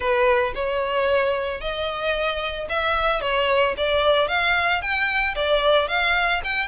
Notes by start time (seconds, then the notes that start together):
0.00 B4
0.55 C#5
1.60 D#5
2.69 E5
3.21 C#5
3.77 D5
4.27 F5
4.81 G5
5.35 D5
5.88 F5
6.44 G5